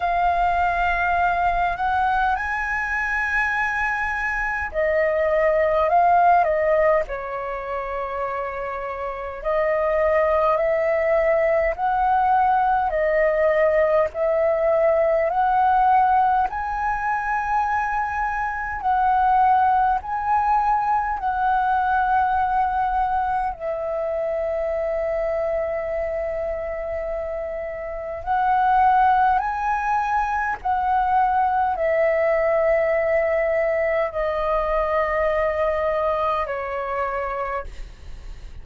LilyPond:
\new Staff \with { instrumentName = "flute" } { \time 4/4 \tempo 4 = 51 f''4. fis''8 gis''2 | dis''4 f''8 dis''8 cis''2 | dis''4 e''4 fis''4 dis''4 | e''4 fis''4 gis''2 |
fis''4 gis''4 fis''2 | e''1 | fis''4 gis''4 fis''4 e''4~ | e''4 dis''2 cis''4 | }